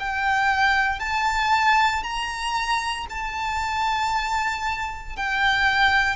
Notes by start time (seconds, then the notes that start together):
0.00 G5
1.00 A5
2.03 A#5
3.10 A5
5.17 G5